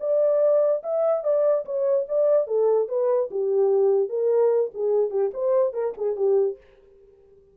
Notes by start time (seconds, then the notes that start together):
0.00 D5
0.83 E5
1.23 D5
1.65 C#5
2.08 D5
2.47 A4
2.88 B4
3.31 G4
4.09 A#4
4.74 G#4
5.10 G4
5.33 C5
5.73 A#4
5.98 G#4
6.16 G4